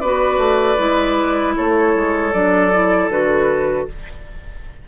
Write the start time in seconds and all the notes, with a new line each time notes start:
0.00 B3 F#4 B4 D5
0.38 A3
0.78 G#3 E4
1.56 A3 A4 C#5
1.95 G#3
2.33 F#3 D4 D5
2.73 E4
3.09 D3 F#4 B4